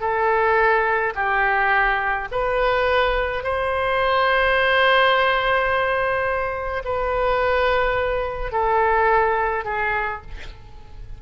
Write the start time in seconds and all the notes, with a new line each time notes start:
0.00 A4
1.15 G4
2.31 B4
3.43 C5
6.85 B4
8.52 A4
9.65 G#4